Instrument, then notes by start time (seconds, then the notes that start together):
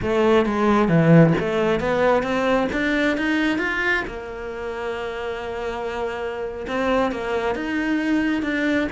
cello
0.02 A3
0.45 G#3
0.88 E3
1.39 A3
1.79 B3
2.22 C4
2.72 D4
3.17 D#4
3.58 F4
4.07 A#3
6.67 C4
7.11 A#3
7.55 D#4
8.42 D4